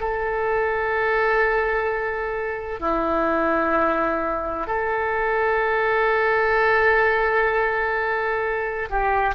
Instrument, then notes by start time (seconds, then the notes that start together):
oboe
0.00 A4
2.80 E4
4.67 A4
8.90 G4